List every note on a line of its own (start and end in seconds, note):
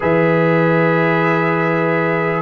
0.00 2.41 E3
0.00 2.41 G#4
0.00 2.41 B4
0.00 2.41 E5